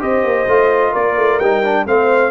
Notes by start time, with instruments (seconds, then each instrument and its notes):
0.00 tuba C4, trombone G4, horn C5, trumpet D#5
0.24 tuba A#3
0.48 tuba A3, trombone F4
0.92 tuba A#3, horn A#4, trumpet D5
1.17 tuba A3
1.40 tuba G3, trombone D#4, trumpet G5
1.65 trombone D4
1.87 tuba A3, trombone C4, horn C5, trumpet F5